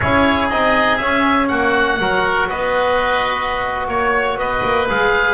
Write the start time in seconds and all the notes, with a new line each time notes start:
0.00 C#4 E4 G#4 C#5
0.49 C4 D#4 D#5
0.97 C#4 E5
1.48 A#3 F#4 F#5
1.99 F#3 F#4 A#4
2.48 B3 B4 D#5
3.87 A#3 C#5
4.36 B3 B4 D#5
4.63 A#3
4.89 G#3 G#4 F5